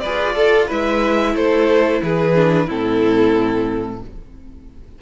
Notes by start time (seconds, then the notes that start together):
0.00 F4 G#4 B4 D5
0.36 A4
0.67 G#3 E4 B4 E5
1.35 A3 A4 C5
2.02 E3 G#4 B4
2.35 D4
2.67 A2 C4 E4 A4